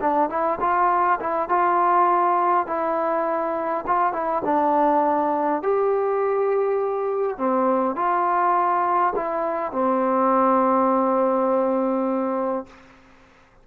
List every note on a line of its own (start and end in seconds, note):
0.00 0.29 D4
0.29 0.59 E4
0.60 1.19 F4
1.20 1.49 E4
1.49 2.67 F4
2.67 3.84 E4
3.87 4.13 F4
4.13 4.42 E4
4.45 5.62 D4
5.62 7.37 G4
7.37 7.96 C4
7.96 9.13 F4
9.15 9.72 E4
9.72 12.66 C4